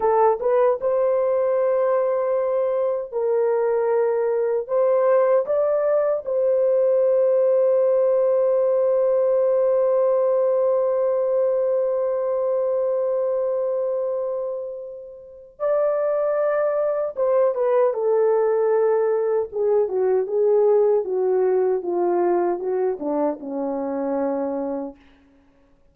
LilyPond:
\new Staff \with { instrumentName = "horn" } { \time 4/4 \tempo 4 = 77 a'8 b'8 c''2. | ais'2 c''4 d''4 | c''1~ | c''1~ |
c''1 | d''2 c''8 b'8 a'4~ | a'4 gis'8 fis'8 gis'4 fis'4 | f'4 fis'8 d'8 cis'2 | }